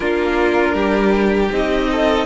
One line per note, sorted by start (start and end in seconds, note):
0.00 0.73 A#3
0.00 1.51 D4
0.00 0.75 F4
0.00 1.50 A#4
0.73 1.49 G3
0.73 1.89 G4
1.51 2.26 C4
1.51 2.26 D#4
1.51 2.26 D#5
1.91 2.26 A4